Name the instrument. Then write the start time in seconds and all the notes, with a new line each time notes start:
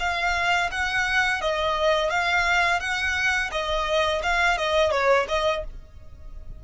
violin
0.00 F5
0.72 F#5
1.42 D#5
2.10 F5
2.80 F#5
3.52 D#5
4.23 F5
4.58 D#5
4.92 C#5
5.29 D#5